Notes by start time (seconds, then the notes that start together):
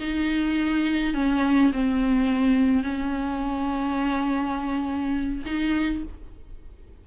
0.00 D#4
1.14 C#4
1.73 C4
2.83 C#4
5.46 D#4